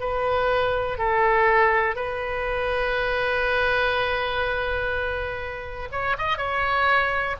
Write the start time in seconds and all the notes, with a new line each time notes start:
0.00 B4
0.98 A4
1.95 B4
5.92 C#5
6.18 D#5
6.38 C#5